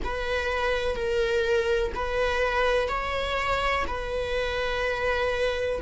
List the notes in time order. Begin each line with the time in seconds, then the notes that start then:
0.04 B4
0.95 A#4
1.94 B4
2.88 C#5
3.87 B4